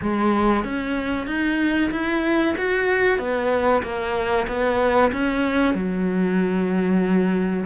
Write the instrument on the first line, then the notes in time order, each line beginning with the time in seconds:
cello
0.01 G#3
0.64 C#4
1.26 D#4
1.91 E4
2.57 F#4
3.18 B3
3.83 A#3
4.47 B3
5.12 C#4
5.74 F#3